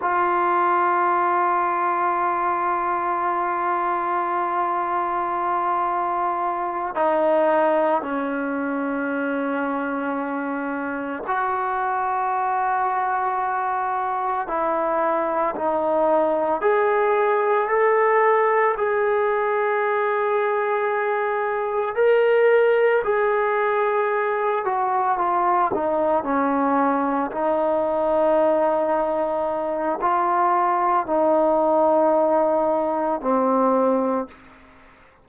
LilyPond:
\new Staff \with { instrumentName = "trombone" } { \time 4/4 \tempo 4 = 56 f'1~ | f'2~ f'8 dis'4 cis'8~ | cis'2~ cis'8 fis'4.~ | fis'4. e'4 dis'4 gis'8~ |
gis'8 a'4 gis'2~ gis'8~ | gis'8 ais'4 gis'4. fis'8 f'8 | dis'8 cis'4 dis'2~ dis'8 | f'4 dis'2 c'4 | }